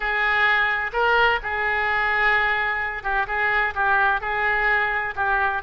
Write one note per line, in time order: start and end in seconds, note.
0.00 0.91 G#4
0.92 1.39 A#4
1.43 3.03 G#4
3.03 3.26 G4
3.27 3.74 G#4
3.75 4.20 G4
4.20 5.14 G#4
5.15 5.62 G4